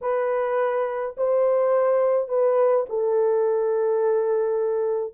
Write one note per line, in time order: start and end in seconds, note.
0.01 1.15 B4
1.17 2.28 C5
2.28 2.85 B4
2.89 5.13 A4